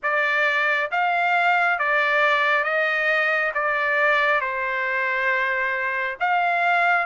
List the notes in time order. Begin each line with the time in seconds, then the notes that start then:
0.02 D5
0.91 F5
1.78 D5
2.64 D#5
3.54 D5
4.40 C5
6.20 F5